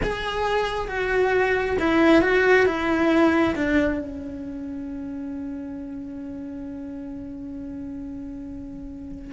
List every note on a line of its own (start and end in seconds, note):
0.02 0.88 G#4
0.88 1.77 F#4
1.79 2.21 E4
2.21 2.65 F#4
2.65 3.54 E4
3.55 3.99 D4
3.99 9.32 C#4